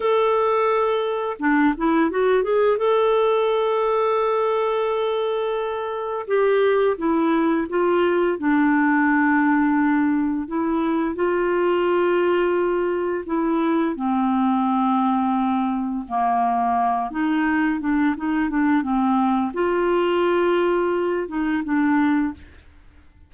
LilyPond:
\new Staff \with { instrumentName = "clarinet" } { \time 4/4 \tempo 4 = 86 a'2 d'8 e'8 fis'8 gis'8 | a'1~ | a'4 g'4 e'4 f'4 | d'2. e'4 |
f'2. e'4 | c'2. ais4~ | ais8 dis'4 d'8 dis'8 d'8 c'4 | f'2~ f'8 dis'8 d'4 | }